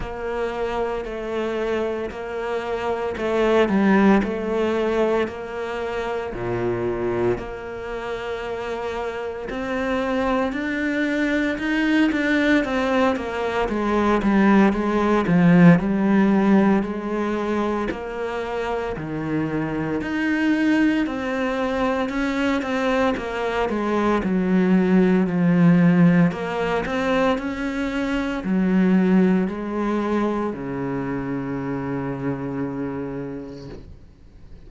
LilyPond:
\new Staff \with { instrumentName = "cello" } { \time 4/4 \tempo 4 = 57 ais4 a4 ais4 a8 g8 | a4 ais4 ais,4 ais4~ | ais4 c'4 d'4 dis'8 d'8 | c'8 ais8 gis8 g8 gis8 f8 g4 |
gis4 ais4 dis4 dis'4 | c'4 cis'8 c'8 ais8 gis8 fis4 | f4 ais8 c'8 cis'4 fis4 | gis4 cis2. | }